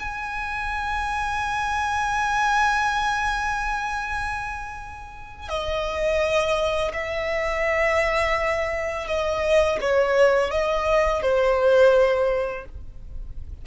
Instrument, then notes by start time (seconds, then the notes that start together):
violin
0.00 G#5
5.49 D#5
6.94 E5
9.07 D#5
9.81 C#5
10.51 D#5
11.22 C5